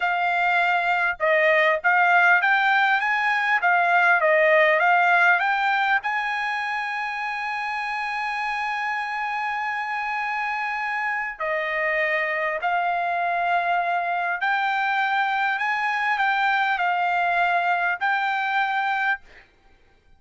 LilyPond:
\new Staff \with { instrumentName = "trumpet" } { \time 4/4 \tempo 4 = 100 f''2 dis''4 f''4 | g''4 gis''4 f''4 dis''4 | f''4 g''4 gis''2~ | gis''1~ |
gis''2. dis''4~ | dis''4 f''2. | g''2 gis''4 g''4 | f''2 g''2 | }